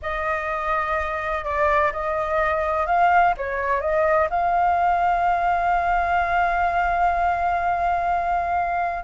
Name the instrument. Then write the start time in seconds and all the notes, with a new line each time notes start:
flute
0.02 D#5
1.44 D5
1.92 D#5
2.86 F5
3.37 C#5
3.80 D#5
4.30 F5